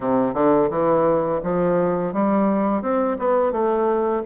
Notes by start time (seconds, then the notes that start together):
0.00 C3
0.34 D3
0.70 E3
1.43 F3
2.13 G3
2.82 C4
3.19 B3
3.52 A3